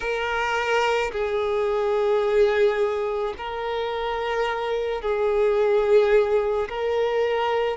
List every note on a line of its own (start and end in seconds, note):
0.00 1.11 A#4
1.12 3.34 G#4
3.37 5.01 A#4
5.01 6.68 G#4
6.69 7.77 A#4